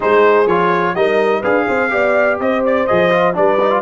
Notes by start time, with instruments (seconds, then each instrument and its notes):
0.00 tuba G#3, trombone D#4, horn G#4, trumpet C5
0.46 tuba F3, trombone F4, trumpet C#5
0.94 tuba G3, trombone D#4, horn A#4, trumpet D#5
1.41 tuba D4, trombone G#4, horn B4, trumpet F5
1.67 tuba C4, horn C5
1.89 tuba B3, trombone G4, horn D5
2.39 tuba C4, horn C5, trumpet D#5
2.65 trumpet D5
2.87 tuba F3, trombone G#4, trumpet D#5
3.10 trombone F4
3.34 tuba G3, trombone D4, horn B4, trumpet D5
3.60 trombone D#4
3.70 trombone F4